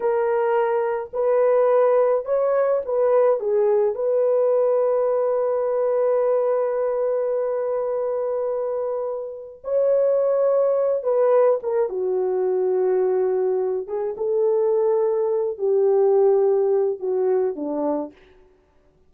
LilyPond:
\new Staff \with { instrumentName = "horn" } { \time 4/4 \tempo 4 = 106 ais'2 b'2 | cis''4 b'4 gis'4 b'4~ | b'1~ | b'1~ |
b'4 cis''2~ cis''8 b'8~ | b'8 ais'8 fis'2.~ | fis'8 gis'8 a'2~ a'8 g'8~ | g'2 fis'4 d'4 | }